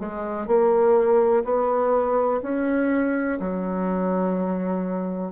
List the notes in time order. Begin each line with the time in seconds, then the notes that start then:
0.00 G#3
0.47 A#3
1.45 B3
2.42 C#4
3.40 F#3